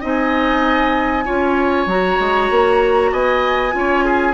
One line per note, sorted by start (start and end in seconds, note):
0.00 1.26 C4
0.00 1.24 D#4
0.00 1.24 D#5
0.00 1.89 G#5
1.24 1.86 C#4
1.24 1.86 F4
1.24 3.10 C#5
1.86 2.17 F#3
1.86 3.71 F#4
1.86 3.12 A#5
2.19 2.50 G#3
2.50 3.11 A#3
3.11 3.73 B3
3.11 3.73 D#5
3.11 4.33 G#5
3.71 4.33 C#4
3.71 4.33 F4
3.78 4.04 C#5
4.04 4.33 G#4